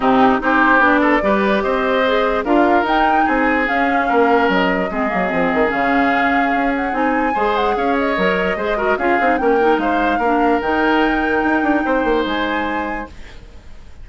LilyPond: <<
  \new Staff \with { instrumentName = "flute" } { \time 4/4 \tempo 4 = 147 g'4 c''4 d''2 | dis''2 f''4 g''4 | gis''4 f''2 dis''4~ | dis''2 f''2~ |
f''8 fis''8 gis''4. fis''8 f''8 dis''8~ | dis''2 f''4 g''4 | f''2 g''2~ | g''2 gis''2 | }
  \new Staff \with { instrumentName = "oboe" } { \time 4/4 dis'4 g'4. a'8 b'4 | c''2 ais'2 | gis'2 ais'2 | gis'1~ |
gis'2 c''4 cis''4~ | cis''4 c''8 ais'8 gis'4 ais'4 | c''4 ais'2.~ | ais'4 c''2. | }
  \new Staff \with { instrumentName = "clarinet" } { \time 4/4 c'4 dis'4 d'4 g'4~ | g'4 gis'4 f'4 dis'4~ | dis'4 cis'2. | c'8 ais8 c'4 cis'2~ |
cis'4 dis'4 gis'2 | ais'4 gis'8 fis'8 f'8 dis'8 cis'8 dis'8~ | dis'4 d'4 dis'2~ | dis'1 | }
  \new Staff \with { instrumentName = "bassoon" } { \time 4/4 c4 c'4 b4 g4 | c'2 d'4 dis'4 | c'4 cis'4 ais4 fis4 | gis8 fis8 f8 dis8 cis2 |
cis'4 c'4 gis4 cis'4 | fis4 gis4 cis'8 c'8 ais4 | gis4 ais4 dis2 | dis'8 d'8 c'8 ais8 gis2 | }
>>